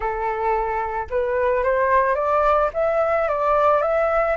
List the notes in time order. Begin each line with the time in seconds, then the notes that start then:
0.00 A4
1.10 B4
1.63 C5
2.15 D5
2.73 E5
3.28 D5
3.82 E5